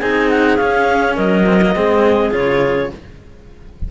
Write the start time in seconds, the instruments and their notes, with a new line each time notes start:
0.00 cello C4 D#4, clarinet G#4 G#5
0.30 clarinet F#5
0.57 cello C#4, clarinet F5
1.15 cello F#3, clarinet A#4 D#5
1.46 cello C4
1.62 cello A#3
1.75 cello G#3 C4, clarinet G#4
2.31 cello C#3 F4, clarinet C#5